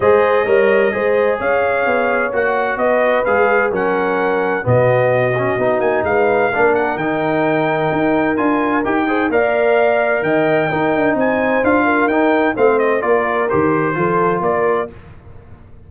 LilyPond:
<<
  \new Staff \with { instrumentName = "trumpet" } { \time 4/4 \tempo 4 = 129 dis''2. f''4~ | f''4 fis''4 dis''4 f''4 | fis''2 dis''2~ | dis''8 gis''8 f''4. fis''8 g''4~ |
g''2 gis''4 g''4 | f''2 g''2 | gis''4 f''4 g''4 f''8 dis''8 | d''4 c''2 d''4 | }
  \new Staff \with { instrumentName = "horn" } { \time 4/4 c''4 cis''4 c''4 cis''4~ | cis''2 b'2 | ais'2 fis'2~ | fis'4 b'4 ais'2~ |
ais'2.~ ais'8 c''8 | d''2 dis''4 ais'4 | c''4. ais'4. c''4 | ais'2 a'4 ais'4 | }
  \new Staff \with { instrumentName = "trombone" } { \time 4/4 gis'4 ais'4 gis'2~ | gis'4 fis'2 gis'4 | cis'2 b4. cis'8 | dis'2 d'4 dis'4~ |
dis'2 f'4 g'8 gis'8 | ais'2. dis'4~ | dis'4 f'4 dis'4 c'4 | f'4 g'4 f'2 | }
  \new Staff \with { instrumentName = "tuba" } { \time 4/4 gis4 g4 gis4 cis'4 | b4 ais4 b4 gis4 | fis2 b,2 | b8 ais8 gis4 ais4 dis4~ |
dis4 dis'4 d'4 dis'4 | ais2 dis4 dis'8 d'8 | c'4 d'4 dis'4 a4 | ais4 dis4 f4 ais4 | }
>>